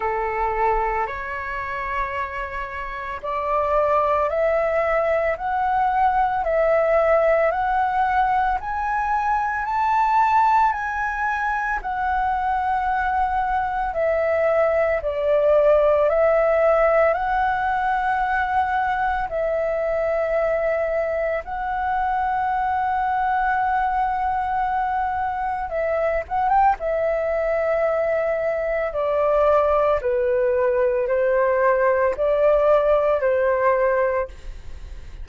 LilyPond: \new Staff \with { instrumentName = "flute" } { \time 4/4 \tempo 4 = 56 a'4 cis''2 d''4 | e''4 fis''4 e''4 fis''4 | gis''4 a''4 gis''4 fis''4~ | fis''4 e''4 d''4 e''4 |
fis''2 e''2 | fis''1 | e''8 fis''16 g''16 e''2 d''4 | b'4 c''4 d''4 c''4 | }